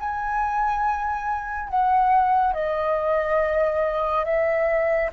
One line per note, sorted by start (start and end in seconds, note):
0.00 1.69 G#5
1.69 2.54 F#5
2.54 4.25 D#5
4.25 5.11 E5